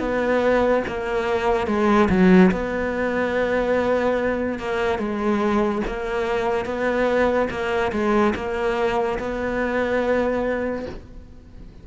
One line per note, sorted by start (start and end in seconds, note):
0.00 0.83 B3
0.88 1.67 A#3
1.67 2.09 G#3
2.10 2.52 F#3
2.52 4.59 B3
4.59 4.99 A#3
4.99 5.82 G#3
5.87 6.66 A#3
6.66 7.49 B3
7.50 7.92 A#3
7.93 8.34 G#3
8.36 9.19 A#3
9.19 10.86 B3